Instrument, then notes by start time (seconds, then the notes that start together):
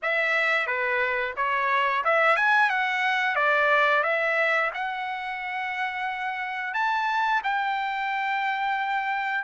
trumpet
0.02 E5
0.66 B4
1.36 C#5
2.04 E5
2.36 G#5
2.69 F#5
3.35 D5
4.03 E5
4.74 F#5
6.74 A5
7.43 G5